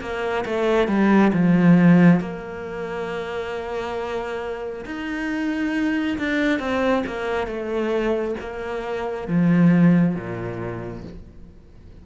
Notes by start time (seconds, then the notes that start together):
0.00 A#3
0.45 A3
0.87 G3
1.32 F3
2.20 A#3
4.85 D#4
6.18 D4
6.59 C4
7.06 A#3
7.47 A3
8.40 A#3
9.27 F3
10.15 A#2